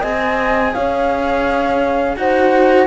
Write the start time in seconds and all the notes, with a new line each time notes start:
0.00 C4 G#4 D#5 G#5
0.74 C#4 C#5 F5
2.16 D#4 F#4 C5 F#5